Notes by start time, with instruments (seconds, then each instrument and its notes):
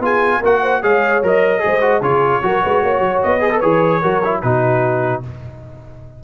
0.00 tuba B3, trombone F4, horn G#4, trumpet G#5
0.40 tuba A#3, trombone F#4, horn A#4, trumpet F#5
0.62 horn C5
0.83 tuba G#3, trombone G#4, horn C#5, trumpet F5
1.23 tuba F#3, trombone A#4, trumpet D#5
1.60 tuba G#3, trombone G#4, horn C5
1.82 trombone F#4
2.01 tuba C#3, trombone F4, horn G#4, trumpet C#5
2.43 tuba F#3, trombone F#4, horn A#4
2.64 tuba G#3, horn B4
2.83 tuba A#3, horn C#5
2.99 tuba F#3
3.23 tuba B3, trumpet D#5
3.40 trombone G#4, horn B4
3.51 trombone A4
3.60 tuba E3, trombone G#4, trumpet C#5
4.01 tuba F#3, trombone F#4, horn A#4
4.24 trombone E4
4.42 tuba B2, trombone D#4, horn F#4, trumpet B4